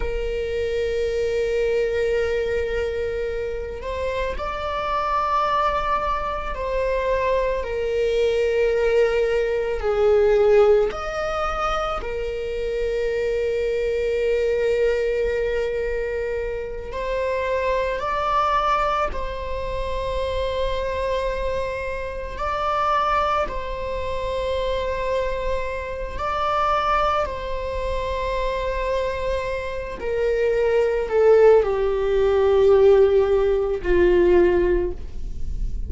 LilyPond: \new Staff \with { instrumentName = "viola" } { \time 4/4 \tempo 4 = 55 ais'2.~ ais'8 c''8 | d''2 c''4 ais'4~ | ais'4 gis'4 dis''4 ais'4~ | ais'2.~ ais'8 c''8~ |
c''8 d''4 c''2~ c''8~ | c''8 d''4 c''2~ c''8 | d''4 c''2~ c''8 ais'8~ | ais'8 a'8 g'2 f'4 | }